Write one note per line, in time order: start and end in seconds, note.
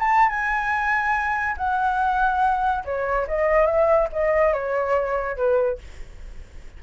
0.00 0.30 A5
0.30 1.56 G#5
1.58 2.84 F#5
2.85 3.27 C#5
3.28 3.66 D#5
3.66 4.09 E5
4.13 4.54 D#5
4.54 5.37 C#5
5.37 5.79 B4